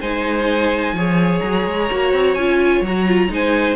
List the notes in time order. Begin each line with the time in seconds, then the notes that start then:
0.00 G#3 D#4 C5 G#5
0.92 F3 G#4 C#5
1.39 F#3 A#5
1.66 G#3
1.90 A#3 F#4
2.13 C4
2.34 C#4 F4 G#5
2.81 F#3 F#4 A#5
3.07 F4
3.29 G#3 D#4 C5 G#5